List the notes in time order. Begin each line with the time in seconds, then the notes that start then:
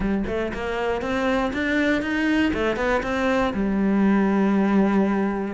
0.00 G3
0.27 A3
0.53 A#3
1.01 C4
1.53 D4
2.01 D#4
2.53 A3
2.76 B3
3.02 C4
3.53 G3